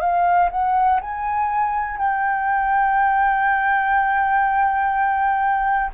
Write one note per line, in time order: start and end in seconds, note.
0.00 0.49 F5
0.51 1.00 F#5
1.01 1.97 G#5
1.97 5.91 G5